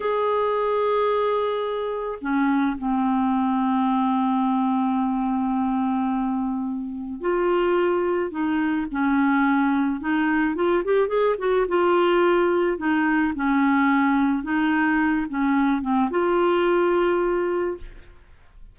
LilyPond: \new Staff \with { instrumentName = "clarinet" } { \time 4/4 \tempo 4 = 108 gis'1 | cis'4 c'2.~ | c'1~ | c'4 f'2 dis'4 |
cis'2 dis'4 f'8 g'8 | gis'8 fis'8 f'2 dis'4 | cis'2 dis'4. cis'8~ | cis'8 c'8 f'2. | }